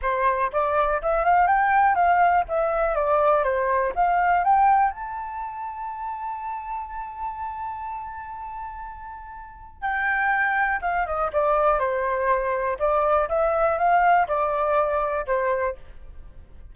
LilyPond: \new Staff \with { instrumentName = "flute" } { \time 4/4 \tempo 4 = 122 c''4 d''4 e''8 f''8 g''4 | f''4 e''4 d''4 c''4 | f''4 g''4 a''2~ | a''1~ |
a''1 | g''2 f''8 dis''8 d''4 | c''2 d''4 e''4 | f''4 d''2 c''4 | }